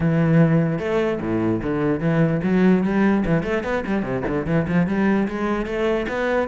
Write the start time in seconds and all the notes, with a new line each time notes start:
0.00 E3
0.78 A3
1.21 A2
1.62 D3
2.00 E3
2.43 F#3
2.83 G3
3.25 E3
3.43 A3
3.63 B3
3.86 G3
4.02 C3
4.27 D3
4.46 E3
4.67 F3
4.86 G3
5.28 G#3
5.66 A3
6.08 B3